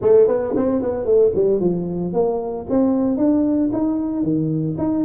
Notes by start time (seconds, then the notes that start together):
0.01 A3
0.27 B3
0.56 C4
0.82 B3
1.05 A3
1.34 G3
1.60 F3
2.13 A#3
2.69 C4
3.17 D4
3.72 D#4
4.22 D#3
4.77 D#4